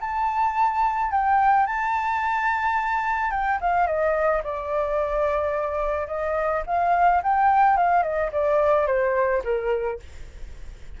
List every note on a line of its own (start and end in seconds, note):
0.00 1.11 A5
1.11 1.66 G5
1.66 3.31 A5
3.31 3.58 G5
3.60 3.86 F5
3.86 4.42 D#5
4.43 6.07 D5
6.07 6.62 D#5
6.66 7.21 F5
7.22 7.77 G5
7.77 8.02 F5
8.02 8.30 D#5
8.32 8.87 D5
8.87 9.42 C5
9.43 9.99 A#4